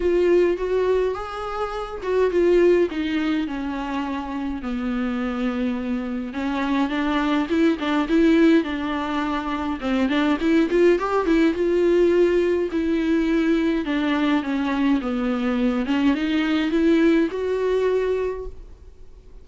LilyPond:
\new Staff \with { instrumentName = "viola" } { \time 4/4 \tempo 4 = 104 f'4 fis'4 gis'4. fis'8 | f'4 dis'4 cis'2 | b2. cis'4 | d'4 e'8 d'8 e'4 d'4~ |
d'4 c'8 d'8 e'8 f'8 g'8 e'8 | f'2 e'2 | d'4 cis'4 b4. cis'8 | dis'4 e'4 fis'2 | }